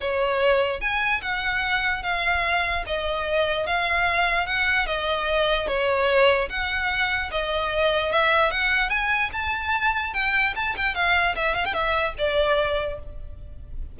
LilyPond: \new Staff \with { instrumentName = "violin" } { \time 4/4 \tempo 4 = 148 cis''2 gis''4 fis''4~ | fis''4 f''2 dis''4~ | dis''4 f''2 fis''4 | dis''2 cis''2 |
fis''2 dis''2 | e''4 fis''4 gis''4 a''4~ | a''4 g''4 a''8 g''8 f''4 | e''8 f''16 g''16 e''4 d''2 | }